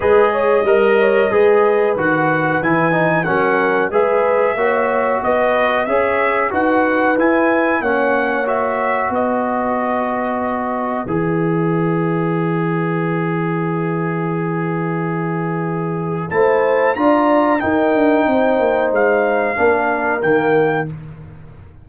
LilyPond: <<
  \new Staff \with { instrumentName = "trumpet" } { \time 4/4 \tempo 4 = 92 dis''2. fis''4 | gis''4 fis''4 e''2 | dis''4 e''4 fis''4 gis''4 | fis''4 e''4 dis''2~ |
dis''4 e''2.~ | e''1~ | e''4 a''4 ais''4 g''4~ | g''4 f''2 g''4 | }
  \new Staff \with { instrumentName = "horn" } { \time 4/4 b'8 cis''8 dis''8 cis''8 b'2~ | b'4 ais'4 b'4 cis''4 | b'4 cis''4 b'2 | cis''2 b'2~ |
b'1~ | b'1~ | b'4 c''4 d''4 ais'4 | c''2 ais'2 | }
  \new Staff \with { instrumentName = "trombone" } { \time 4/4 gis'4 ais'4 gis'4 fis'4 | e'8 dis'8 cis'4 gis'4 fis'4~ | fis'4 gis'4 fis'4 e'4 | cis'4 fis'2.~ |
fis'4 gis'2.~ | gis'1~ | gis'4 e'4 f'4 dis'4~ | dis'2 d'4 ais4 | }
  \new Staff \with { instrumentName = "tuba" } { \time 4/4 gis4 g4 gis4 dis4 | e4 fis4 gis4 ais4 | b4 cis'4 dis'4 e'4 | ais2 b2~ |
b4 e2.~ | e1~ | e4 a4 d'4 dis'8 d'8 | c'8 ais8 gis4 ais4 dis4 | }
>>